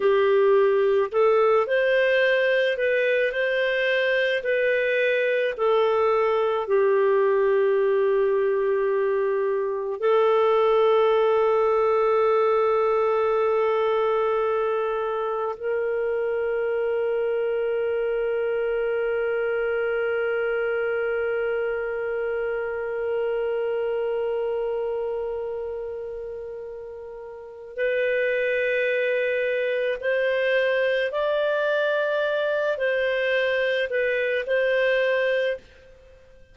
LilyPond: \new Staff \with { instrumentName = "clarinet" } { \time 4/4 \tempo 4 = 54 g'4 a'8 c''4 b'8 c''4 | b'4 a'4 g'2~ | g'4 a'2.~ | a'2 ais'2~ |
ais'1~ | ais'1~ | ais'4 b'2 c''4 | d''4. c''4 b'8 c''4 | }